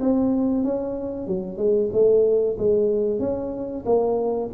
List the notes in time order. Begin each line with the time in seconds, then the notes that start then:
0.00 C4
0.64 C#4
1.27 F#3
1.57 G#3
1.92 A3
2.58 G#3
3.19 C#4
3.85 A#3